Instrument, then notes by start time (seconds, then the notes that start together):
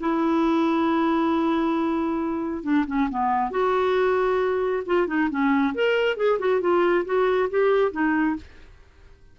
clarinet
0.00 E4
2.63 D4
2.87 C#4
3.10 B3
3.51 F#4
4.86 F4
5.07 D#4
5.30 C#4
5.75 A#4
6.17 G#4
6.40 F#4
6.61 F4
7.05 F#4
7.50 G4
7.92 D#4